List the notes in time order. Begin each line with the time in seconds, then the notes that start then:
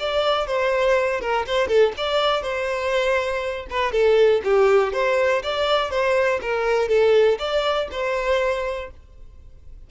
0.00 D5
0.47 C5
1.21 A#4
1.47 C5
1.68 A4
1.98 D5
2.43 C5
3.70 B4
3.93 A4
4.45 G4
4.93 C5
5.43 D5
5.91 C5
6.42 A#4
6.89 A4
7.40 D5
7.92 C5